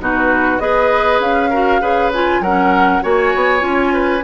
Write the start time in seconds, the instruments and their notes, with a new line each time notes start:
0.00 bassoon B2, clarinet D#4, oboe F#4, flute B4
0.59 bassoon B3, clarinet G#4, oboe B4, flute D#5
1.20 bassoon C#4, flute F5
1.51 clarinet F#4, oboe A#4
1.81 bassoon C#3, clarinet G#4, oboe B4
2.14 clarinet F4, flute G#5
2.40 bassoon F#3, clarinet C#4, oboe A#4, flute F#5
3.02 bassoon A#3, clarinet F#4, oboe C#5, flute G#5
3.35 bassoon B3
3.60 bassoon C#4, clarinet F4
3.94 oboe B4